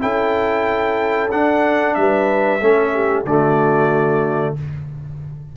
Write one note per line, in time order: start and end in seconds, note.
0.00 1.31 C#4
0.00 1.29 E4
0.00 1.96 A4
0.00 1.31 G5
1.31 1.96 D4
1.31 2.61 D4
1.31 1.94 F#5
1.94 2.61 G3
1.94 2.62 B4
1.94 3.23 E5
2.61 3.25 A3
2.61 3.26 C#4
2.61 2.94 A4
2.94 3.26 G4
3.25 4.54 D3
3.25 4.56 A3
3.25 4.55 F#4
3.25 4.55 D5